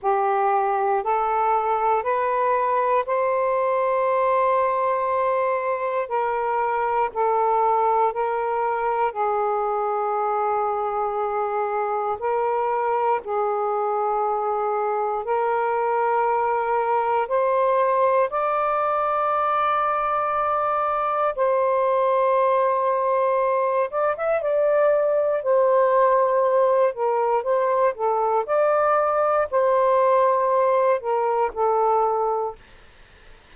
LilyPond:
\new Staff \with { instrumentName = "saxophone" } { \time 4/4 \tempo 4 = 59 g'4 a'4 b'4 c''4~ | c''2 ais'4 a'4 | ais'4 gis'2. | ais'4 gis'2 ais'4~ |
ais'4 c''4 d''2~ | d''4 c''2~ c''8 d''16 e''16 | d''4 c''4. ais'8 c''8 a'8 | d''4 c''4. ais'8 a'4 | }